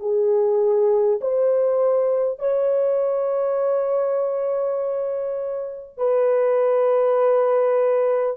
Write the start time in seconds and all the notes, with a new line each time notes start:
0.00 G#4
1.21 C5
2.39 C#5
5.97 B4